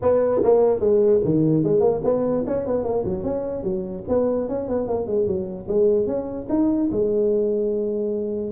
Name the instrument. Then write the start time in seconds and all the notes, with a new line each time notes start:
tuba
0.01 B3
0.42 A#3
0.80 G#3
1.24 D#3
1.63 G#3
1.80 A#3
2.04 B3
2.46 C#4
2.66 B3
2.83 A#3
3.04 F#3
3.23 C#4
3.63 F#3
4.08 B3
4.48 C#4
4.68 B3
4.87 A#3
5.06 G#3
5.26 F#3
5.68 G#3
6.06 C#4
6.49 D#4
6.91 G#3